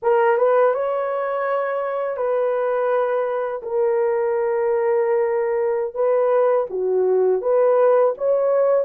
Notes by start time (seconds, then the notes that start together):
0.02 A#4
0.37 B4
0.74 C#5
2.17 B4
3.62 A#4
5.94 B4
6.69 F#4
7.41 B4
8.17 C#5